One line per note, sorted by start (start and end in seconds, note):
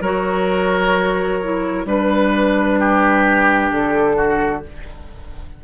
0.00 1.85 F#3
0.00 1.42 F#4
0.00 1.85 A#4
0.00 1.87 C#5
1.42 1.85 E4
1.85 3.69 G3
1.85 4.62 D4
1.85 2.79 B4
1.85 3.72 B4
2.79 4.16 G4
3.71 4.63 D3
3.71 4.64 A4
4.16 4.62 F#4